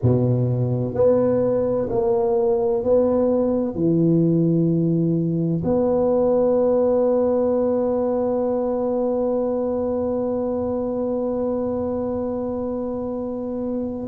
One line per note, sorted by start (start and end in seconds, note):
0.02 0.94 B2
0.94 1.88 B3
1.89 2.83 A#3
2.83 3.74 B3
3.74 5.62 E3
5.63 14.07 B3